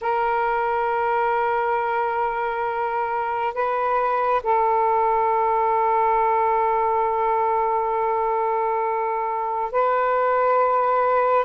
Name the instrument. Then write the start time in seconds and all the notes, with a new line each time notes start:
saxophone
0.01 A#4
3.53 B4
4.43 A4
9.71 B4